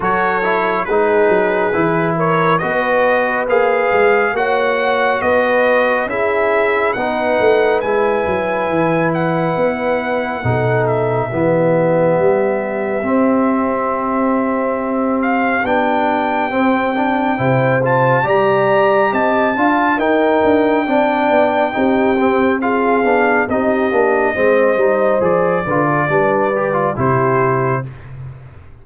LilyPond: <<
  \new Staff \with { instrumentName = "trumpet" } { \time 4/4 \tempo 4 = 69 cis''4 b'4. cis''8 dis''4 | f''4 fis''4 dis''4 e''4 | fis''4 gis''4. fis''4.~ | fis''8 e''2.~ e''8~ |
e''4. f''8 g''2~ | g''8 a''8 ais''4 a''4 g''4~ | g''2 f''4 dis''4~ | dis''4 d''2 c''4 | }
  \new Staff \with { instrumentName = "horn" } { \time 4/4 a'4 gis'4. ais'8 b'4~ | b'4 cis''4 b'4 gis'4 | b'1 | a'4 g'2.~ |
g'1 | c''4 d''4 dis''8 f''8 ais'4 | d''4 g'4 gis'4 g'4 | c''4. b'16 a'16 b'4 g'4 | }
  \new Staff \with { instrumentName = "trombone" } { \time 4/4 fis'8 e'8 dis'4 e'4 fis'4 | gis'4 fis'2 e'4 | dis'4 e'2. | dis'4 b2 c'4~ |
c'2 d'4 c'8 d'8 | e'8 f'8 g'4. f'8 dis'4 | d'4 dis'8 c'8 f'8 d'8 dis'8 d'8 | c'8 dis'8 gis'8 f'8 d'8 g'16 f'16 e'4 | }
  \new Staff \with { instrumentName = "tuba" } { \time 4/4 fis4 gis8 fis8 e4 b4 | ais8 gis8 ais4 b4 cis'4 | b8 a8 gis8 fis8 e4 b4 | b,4 e4 g4 c'4~ |
c'2 b4 c'4 | c4 g4 c'8 d'8 dis'8 d'8 | c'8 b8 c'4. b8 c'8 ais8 | gis8 g8 f8 d8 g4 c4 | }
>>